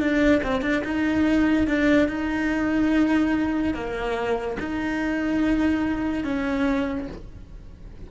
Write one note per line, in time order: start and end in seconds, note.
0.00 0.42 D4
0.43 0.62 C4
0.62 0.83 D4
0.84 1.67 D#4
1.67 2.08 D4
2.08 3.74 D#4
3.74 4.57 A#3
4.60 6.24 D#4
6.24 7.08 C#4